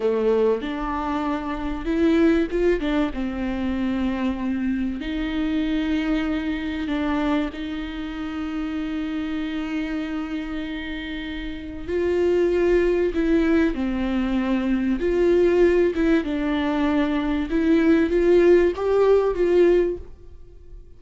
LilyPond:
\new Staff \with { instrumentName = "viola" } { \time 4/4 \tempo 4 = 96 a4 d'2 e'4 | f'8 d'8 c'2. | dis'2. d'4 | dis'1~ |
dis'2. f'4~ | f'4 e'4 c'2 | f'4. e'8 d'2 | e'4 f'4 g'4 f'4 | }